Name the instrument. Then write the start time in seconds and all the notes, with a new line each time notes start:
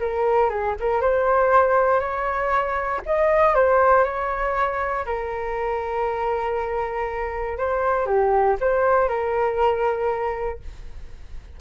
flute
0.00 A#4
0.49 G#4
0.80 A#4
1.01 C5
2.00 C#5
3.06 D#5
3.55 C5
4.04 C#5
5.05 A#4
7.57 C5
8.06 G4
8.61 C5
9.08 A#4